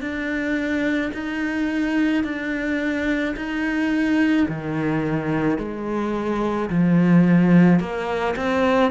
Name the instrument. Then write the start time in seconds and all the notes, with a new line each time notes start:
cello
0.00 D4
1.13 D#4
2.24 D4
3.36 D#4
4.48 D#3
5.58 G#3
6.69 F3
7.79 A#3
8.36 C4